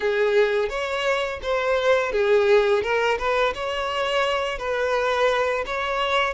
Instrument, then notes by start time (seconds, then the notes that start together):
violin
0.00 G#4
0.69 C#5
1.42 C5
2.12 G#4
2.82 A#4
3.18 B4
3.54 C#5
4.58 B4
5.66 C#5